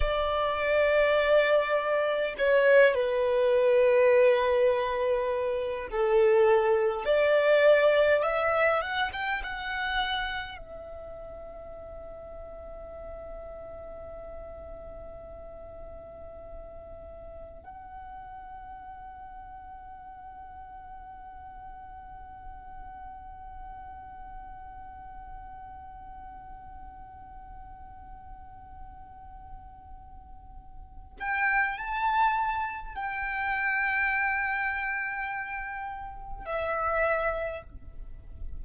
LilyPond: \new Staff \with { instrumentName = "violin" } { \time 4/4 \tempo 4 = 51 d''2 cis''8 b'4.~ | b'4 a'4 d''4 e''8 fis''16 g''16 | fis''4 e''2.~ | e''2. fis''4~ |
fis''1~ | fis''1~ | fis''2~ fis''8 g''8 a''4 | g''2. e''4 | }